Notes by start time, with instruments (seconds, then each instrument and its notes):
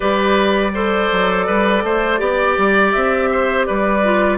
0.00 bassoon G3, clarinet G4, oboe B4, flute D5
0.73 clarinet A4, oboe C5
1.11 bassoon F#3
1.46 bassoon G3, oboe B4
1.83 bassoon A3, oboe C5
2.17 bassoon B3, clarinet G4, oboe D5
2.57 bassoon G3
2.91 bassoon C4, flute E5
3.31 oboe C5
3.65 bassoon G3, oboe B4, flute D5
4.03 clarinet F4